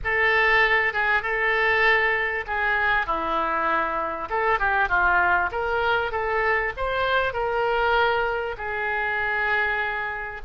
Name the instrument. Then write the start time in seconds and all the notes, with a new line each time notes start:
oboe
0.03 A4
0.93 G#4
1.22 A4
2.46 G#4
3.06 E4
4.29 A4
4.59 G4
4.88 F4
5.51 A#4
6.11 A4
6.77 C5
7.33 A#4
8.57 G#4